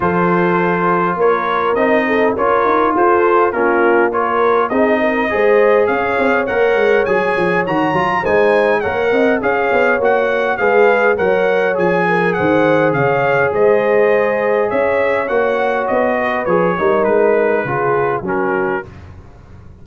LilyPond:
<<
  \new Staff \with { instrumentName = "trumpet" } { \time 4/4 \tempo 4 = 102 c''2 cis''4 dis''4 | cis''4 c''4 ais'4 cis''4 | dis''2 f''4 fis''4 | gis''4 ais''4 gis''4 fis''4 |
f''4 fis''4 f''4 fis''4 | gis''4 fis''4 f''4 dis''4~ | dis''4 e''4 fis''4 dis''4 | cis''4 b'2 ais'4 | }
  \new Staff \with { instrumentName = "horn" } { \time 4/4 a'2 ais'4. a'8 | ais'4 a'4 f'4 ais'4 | gis'8 ais'8 c''4 cis''2~ | cis''2 c''4 cis''8 dis''8 |
cis''2 b'4 cis''4~ | cis''8 ais'8 c''4 cis''4 c''4~ | c''4 cis''2~ cis''8 b'8~ | b'8 ais'4. gis'4 fis'4 | }
  \new Staff \with { instrumentName = "trombone" } { \time 4/4 f'2. dis'4 | f'2 cis'4 f'4 | dis'4 gis'2 ais'4 | gis'4 fis'8 f'8 dis'4 ais'4 |
gis'4 fis'4 gis'4 ais'4 | gis'1~ | gis'2 fis'2 | gis'8 dis'4. f'4 cis'4 | }
  \new Staff \with { instrumentName = "tuba" } { \time 4/4 f2 ais4 c'4 | cis'8 dis'8 f'4 ais2 | c'4 gis4 cis'8 c'8 ais8 gis8 | fis8 f8 dis8 fis8 gis4 ais8 c'8 |
cis'8 b8 ais4 gis4 fis4 | f4 dis4 cis4 gis4~ | gis4 cis'4 ais4 b4 | f8 g8 gis4 cis4 fis4 | }
>>